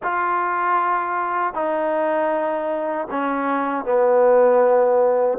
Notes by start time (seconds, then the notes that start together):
0.02 F4
1.53 D#4
3.10 C#4
3.84 B3